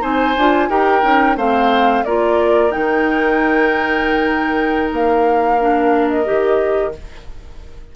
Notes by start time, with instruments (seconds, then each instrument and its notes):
0.00 bassoon C4, clarinet D#4, oboe C5, flute G#5
0.36 bassoon D4, clarinet F4
0.69 bassoon D#4, clarinet G4, oboe A#4, flute G5
1.02 bassoon C#4, clarinet D#4
1.36 bassoon A3, clarinet C4, oboe C5, flute F5
2.04 bassoon A#3, clarinet F4, oboe A#4, flute D5
2.70 bassoon D#3, clarinet D#4, flute G5
4.91 bassoon A#3, flute F5
5.60 clarinet D4
6.08 flute D#5
6.24 bassoon D#3, clarinet G4